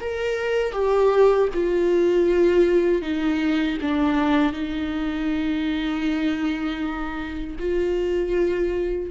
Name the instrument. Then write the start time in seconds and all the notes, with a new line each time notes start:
viola
0.00 A#4
0.72 G4
1.54 F4
3.01 D#4
3.81 D4
4.52 D#4
7.59 F4